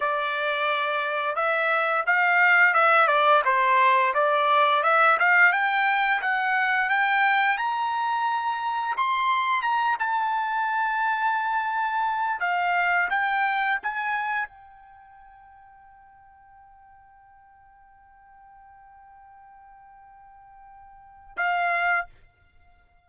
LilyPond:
\new Staff \with { instrumentName = "trumpet" } { \time 4/4 \tempo 4 = 87 d''2 e''4 f''4 | e''8 d''8 c''4 d''4 e''8 f''8 | g''4 fis''4 g''4 ais''4~ | ais''4 c'''4 ais''8 a''4.~ |
a''2 f''4 g''4 | gis''4 g''2.~ | g''1~ | g''2. f''4 | }